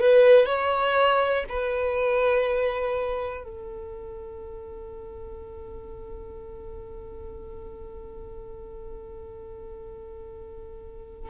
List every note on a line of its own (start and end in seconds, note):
0.00 0.46 B4
0.46 1.44 C#5
1.49 3.43 B4
3.43 11.30 A4